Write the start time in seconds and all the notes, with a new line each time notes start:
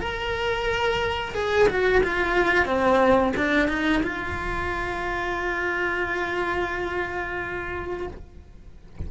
0.00 A#4
1.35 G#4
1.69 F#4
2.03 F4
2.66 C4
3.36 D4
3.68 D#4
4.03 F4